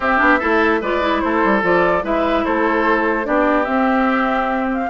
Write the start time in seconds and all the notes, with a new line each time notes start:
0.00 C4 G4 E5
0.18 B3 D4
0.39 A3 E4 A4
0.81 G#3 F4 B4 D5
1.01 E4
1.20 A3 A4 C5
1.44 G3
1.62 F3 F4 D5
2.02 G#3 E4 B4 E5
2.44 A3 A4 C5
3.24 B3 D4 G4 D5
3.64 C4 E5
4.73 F5